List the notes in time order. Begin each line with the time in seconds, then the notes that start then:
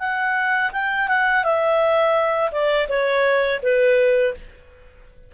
0.00 F#5
0.73 G5
1.08 F#5
1.44 E5
2.52 D5
2.89 C#5
3.63 B4